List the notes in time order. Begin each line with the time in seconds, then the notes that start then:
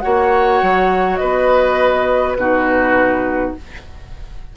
0.00 A#3 F#4 C#5 F#5
0.62 F#3
1.16 B3 B4 D#5
2.34 B2 D#4 F#4 B4